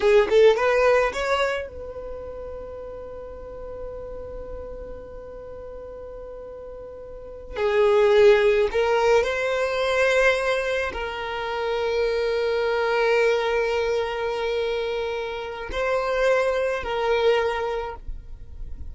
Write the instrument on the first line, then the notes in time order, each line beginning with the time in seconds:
violin
0.00 G#4
0.29 A4
0.56 B4
1.12 C#5
1.68 B4
7.56 G#4
8.71 A#4
9.23 C5
10.92 A#4
15.71 C5
16.83 A#4